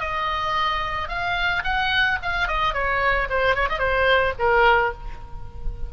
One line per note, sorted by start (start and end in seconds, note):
0.00 1.08 D#5
1.08 1.63 F5
1.64 2.18 F#5
2.22 2.47 F5
2.47 2.73 D#5
2.73 3.28 C#5
3.29 3.55 C5
3.55 3.69 C#5
3.69 3.79 D#5
3.79 4.33 C5
4.39 4.93 A#4